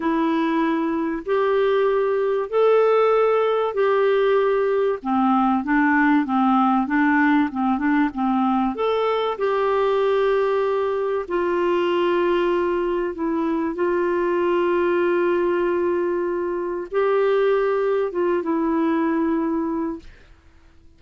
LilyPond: \new Staff \with { instrumentName = "clarinet" } { \time 4/4 \tempo 4 = 96 e'2 g'2 | a'2 g'2 | c'4 d'4 c'4 d'4 | c'8 d'8 c'4 a'4 g'4~ |
g'2 f'2~ | f'4 e'4 f'2~ | f'2. g'4~ | g'4 f'8 e'2~ e'8 | }